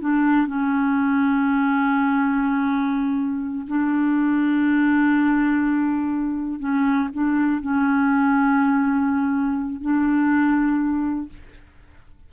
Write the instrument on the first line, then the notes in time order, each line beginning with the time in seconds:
clarinet
0.00 D4
0.46 C#4
3.67 D4
6.59 C#4
7.13 D4
7.61 C#4
9.81 D4